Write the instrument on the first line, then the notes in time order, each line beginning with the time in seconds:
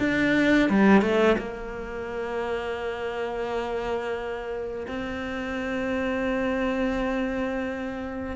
cello
0.00 D4
0.70 G3
1.01 A3
1.38 A#3
4.88 C4